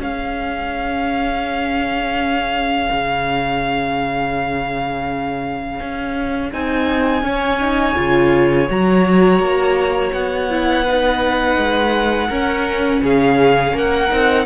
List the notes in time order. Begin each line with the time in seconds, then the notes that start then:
0.00 C#4 G#4 F5
2.92 C#3
5.80 C#4
6.52 C4 D#4 G#5
7.23 C#4 C#5
7.61 D#4
7.96 C#3 F4
8.70 F#3 F#4 A#5
9.40 A#3
10.13 B3 F#5
10.51 E4
10.84 D#4 B4
11.58 G#3
12.29 C#4 A#4
13.02 C#3 G#4 F5
13.73 A#3 A#4 F#5
14.10 C4 D#4